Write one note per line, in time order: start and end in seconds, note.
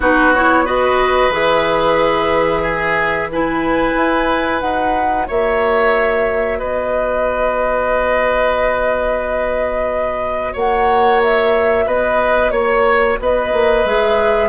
0.00 1.28 B3
0.00 0.33 D#4
0.00 0.64 F#4
0.00 0.33 B4
0.33 0.65 E4
0.33 0.66 C#5
0.64 1.31 F#4
0.64 2.61 B4
0.64 1.32 D#5
1.29 3.93 E3
1.29 3.29 G#4
1.29 3.31 E5
2.61 3.27 G#4
3.32 4.61 E4
3.32 5.27 B4
3.32 4.60 G#5
3.96 4.61 E4
4.60 5.27 D#4
4.60 13.84 F#4
4.60 5.26 F#5
5.27 6.61 A#3
5.27 6.59 C#5
5.27 6.59 E5
6.59 10.55 B3
6.59 10.52 B4
6.59 10.54 D#5
10.52 11.85 A#3
10.52 11.84 C#5
10.52 11.21 F#5
11.22 11.87 E5
11.85 12.51 B3
11.85 12.52 B4
11.85 12.50 D#5
12.50 13.17 A#3
12.50 13.16 C#5
12.50 13.18 C#5
13.19 13.52 B3
13.19 14.49 B4
13.19 13.86 D#5
13.52 13.84 A#3
13.84 14.49 G#3
13.84 14.49 G#4
13.84 14.49 E5